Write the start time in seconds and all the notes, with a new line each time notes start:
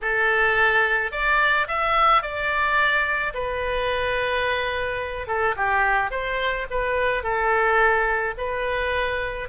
0.01 A4
1.11 D5
1.67 E5
2.22 D5
3.34 B4
5.27 A4
5.56 G4
6.10 C5
6.70 B4
7.23 A4
8.37 B4